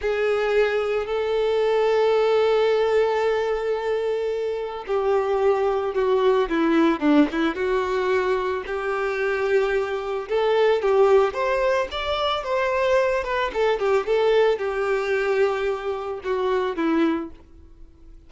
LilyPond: \new Staff \with { instrumentName = "violin" } { \time 4/4 \tempo 4 = 111 gis'2 a'2~ | a'1~ | a'4 g'2 fis'4 | e'4 d'8 e'8 fis'2 |
g'2. a'4 | g'4 c''4 d''4 c''4~ | c''8 b'8 a'8 g'8 a'4 g'4~ | g'2 fis'4 e'4 | }